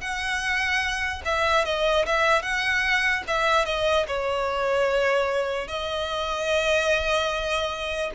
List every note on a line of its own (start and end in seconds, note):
0.00 1.22 F#5
1.25 1.64 E5
1.64 2.05 D#5
2.06 2.42 E5
2.42 3.23 F#5
3.27 3.65 E5
3.65 4.06 D#5
4.07 5.67 C#5
5.67 8.10 D#5